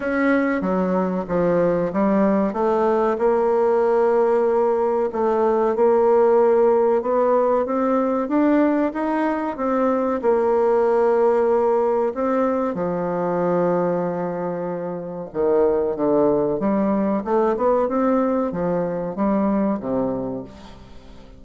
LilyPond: \new Staff \with { instrumentName = "bassoon" } { \time 4/4 \tempo 4 = 94 cis'4 fis4 f4 g4 | a4 ais2. | a4 ais2 b4 | c'4 d'4 dis'4 c'4 |
ais2. c'4 | f1 | dis4 d4 g4 a8 b8 | c'4 f4 g4 c4 | }